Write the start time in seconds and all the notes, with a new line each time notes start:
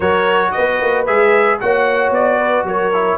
0.00 F#3 F#4 A#4 C#5
0.51 B4 D#5
0.57 B3
0.81 A#3
1.06 G#3 G#4 E5
1.60 A#3 F#4 C#5 F#5
2.10 B3 D5
2.38 B4
2.63 F#3 A#4 C#5
2.93 E4